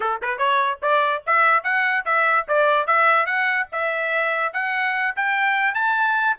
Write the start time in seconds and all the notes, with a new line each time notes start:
0.00 A4
0.21 B4
0.38 C#5
0.82 D5
1.26 E5
1.63 F#5
2.05 E5
2.48 D5
2.86 E5
3.25 F#5
3.72 E5
4.53 F#5
5.15 G5
5.74 A5